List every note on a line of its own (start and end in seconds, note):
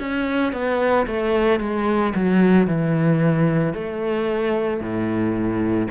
0.00 0.53 C#4
0.53 1.07 B3
1.07 1.60 A3
1.60 2.14 G#3
2.15 2.67 F#3
2.67 3.74 E3
3.74 4.81 A3
4.81 5.88 A2